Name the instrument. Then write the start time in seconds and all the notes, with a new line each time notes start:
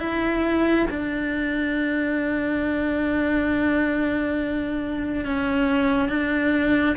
cello
0.00 E4
0.91 D4
5.25 C#4
6.09 D4